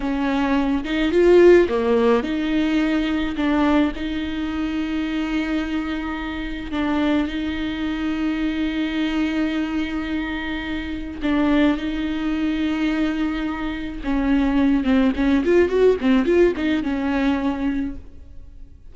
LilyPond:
\new Staff \with { instrumentName = "viola" } { \time 4/4 \tempo 4 = 107 cis'4. dis'8 f'4 ais4 | dis'2 d'4 dis'4~ | dis'1 | d'4 dis'2.~ |
dis'1 | d'4 dis'2.~ | dis'4 cis'4. c'8 cis'8 f'8 | fis'8 c'8 f'8 dis'8 cis'2 | }